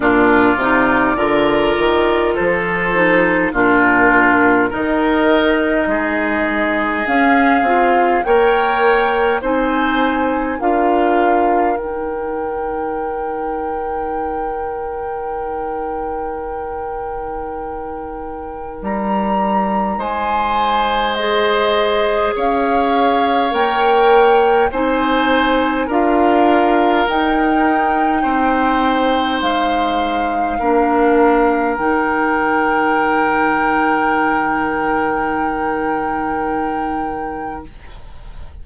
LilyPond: <<
  \new Staff \with { instrumentName = "flute" } { \time 4/4 \tempo 4 = 51 d''2 c''4 ais'4 | dis''2 f''4 g''4 | gis''4 f''4 g''2~ | g''1 |
ais''4 gis''4 dis''4 f''4 | g''4 gis''4 f''4 g''4~ | g''4 f''2 g''4~ | g''1 | }
  \new Staff \with { instrumentName = "oboe" } { \time 4/4 f'4 ais'4 a'4 f'4 | ais'4 gis'2 cis''4 | c''4 ais'2.~ | ais'1~ |
ais'4 c''2 cis''4~ | cis''4 c''4 ais'2 | c''2 ais'2~ | ais'1 | }
  \new Staff \with { instrumentName = "clarinet" } { \time 4/4 d'8 dis'8 f'4. dis'8 d'4 | dis'2 cis'8 f'8 ais'4 | dis'4 f'4 dis'2~ | dis'1~ |
dis'2 gis'2 | ais'4 dis'4 f'4 dis'4~ | dis'2 d'4 dis'4~ | dis'1 | }
  \new Staff \with { instrumentName = "bassoon" } { \time 4/4 ais,8 c8 d8 dis8 f4 ais,4 | dis4 gis4 cis'8 c'8 ais4 | c'4 d'4 dis'2~ | dis'1 |
g4 gis2 cis'4 | ais4 c'4 d'4 dis'4 | c'4 gis4 ais4 dis4~ | dis1 | }
>>